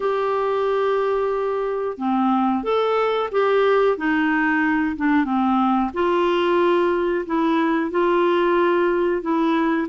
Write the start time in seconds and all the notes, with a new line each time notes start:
0.00 G4
1.98 C4
2.63 A4
3.31 G4
3.97 D#4
4.96 D4
5.24 C4
5.93 F4
7.26 E4
7.90 F4
9.21 E4